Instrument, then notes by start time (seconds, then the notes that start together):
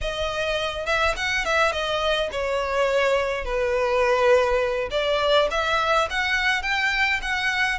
violin
0.01 D#5
0.86 E5
1.16 F#5
1.45 E5
1.72 D#5
2.31 C#5
3.45 B4
4.90 D5
5.50 E5
6.10 F#5
6.62 G5
7.21 F#5